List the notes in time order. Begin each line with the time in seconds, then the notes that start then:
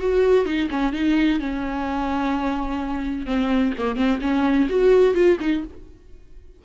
0.00 F#4
0.46 D#4
0.70 C#4
0.93 D#4
1.40 C#4
3.26 C4
3.78 A#3
3.96 C4
4.21 C#4
4.69 F#4
5.15 F4
5.40 D#4